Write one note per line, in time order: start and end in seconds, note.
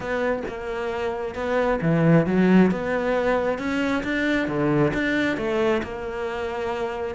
0.00 0.43 B3
0.48 1.35 A#3
1.35 1.79 B3
1.81 2.26 E3
2.26 2.71 F#3
2.71 3.58 B3
3.58 4.03 C#4
4.03 4.47 D4
4.47 4.92 D3
4.93 5.37 D4
5.37 5.82 A3
5.82 7.15 A#3